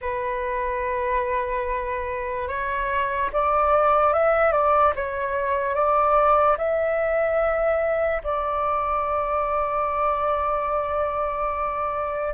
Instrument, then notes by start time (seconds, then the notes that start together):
flute
0.01 B4
2.47 C#5
3.33 D5
4.13 E5
4.52 D5
4.95 C#5
5.74 D5
6.58 E5
8.23 D5